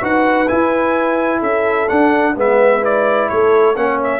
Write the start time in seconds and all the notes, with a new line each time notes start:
0.00 D#4 F#4 B4 F#5
0.48 E4 G#5
1.39 C#4 A4 E5
1.88 D4 F#5
2.35 G#3 B3 B4 E5
2.81 E4 D5
3.29 A3 A4 C#5
3.75 A#3 C#4 C#5 F#5
4.03 E5